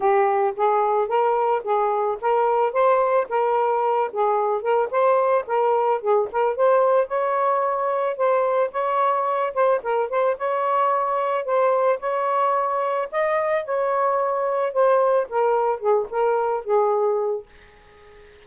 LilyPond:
\new Staff \with { instrumentName = "saxophone" } { \time 4/4 \tempo 4 = 110 g'4 gis'4 ais'4 gis'4 | ais'4 c''4 ais'4. gis'8~ | gis'8 ais'8 c''4 ais'4 gis'8 ais'8 | c''4 cis''2 c''4 |
cis''4. c''8 ais'8 c''8 cis''4~ | cis''4 c''4 cis''2 | dis''4 cis''2 c''4 | ais'4 gis'8 ais'4 gis'4. | }